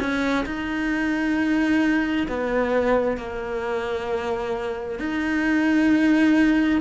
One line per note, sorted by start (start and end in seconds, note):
0.00 0.45 C#4
0.46 2.28 D#4
2.29 3.18 B3
3.18 5.00 A#3
5.00 6.81 D#4